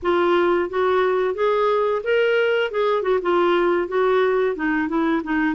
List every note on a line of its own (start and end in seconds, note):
0.02 0.69 F4
0.69 1.34 F#4
1.34 2.01 G#4
2.03 2.71 A#4
2.71 3.02 G#4
3.02 3.19 F#4
3.22 3.88 F4
3.88 4.55 F#4
4.55 4.88 D#4
4.88 5.22 E4
5.23 5.55 D#4